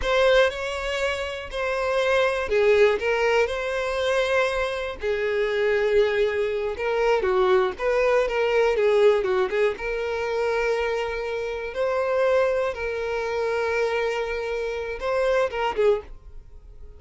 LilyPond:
\new Staff \with { instrumentName = "violin" } { \time 4/4 \tempo 4 = 120 c''4 cis''2 c''4~ | c''4 gis'4 ais'4 c''4~ | c''2 gis'2~ | gis'4. ais'4 fis'4 b'8~ |
b'8 ais'4 gis'4 fis'8 gis'8 ais'8~ | ais'2.~ ais'8 c''8~ | c''4. ais'2~ ais'8~ | ais'2 c''4 ais'8 gis'8 | }